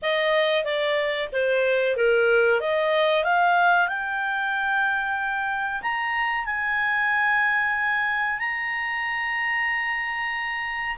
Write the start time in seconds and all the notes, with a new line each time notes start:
0.01 D#5
0.64 D5
1.32 C5
1.96 A#4
2.60 D#5
3.23 F5
3.88 G5
5.82 A#5
6.45 G#5
8.39 A#5